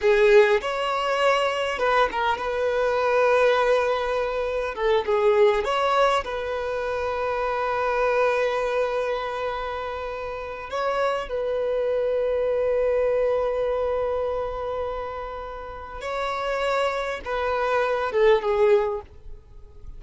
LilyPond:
\new Staff \with { instrumentName = "violin" } { \time 4/4 \tempo 4 = 101 gis'4 cis''2 b'8 ais'8 | b'1 | a'8 gis'4 cis''4 b'4.~ | b'1~ |
b'2 cis''4 b'4~ | b'1~ | b'2. cis''4~ | cis''4 b'4. a'8 gis'4 | }